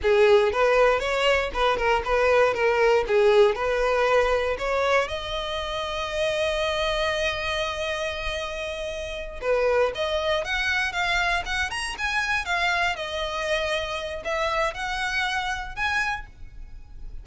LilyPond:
\new Staff \with { instrumentName = "violin" } { \time 4/4 \tempo 4 = 118 gis'4 b'4 cis''4 b'8 ais'8 | b'4 ais'4 gis'4 b'4~ | b'4 cis''4 dis''2~ | dis''1~ |
dis''2~ dis''8 b'4 dis''8~ | dis''8 fis''4 f''4 fis''8 ais''8 gis''8~ | gis''8 f''4 dis''2~ dis''8 | e''4 fis''2 gis''4 | }